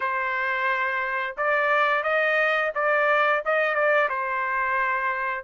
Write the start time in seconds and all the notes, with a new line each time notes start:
0.00 C5
1.37 D5
2.03 D#5
2.75 D5
3.45 D#5
3.74 D5
4.09 C5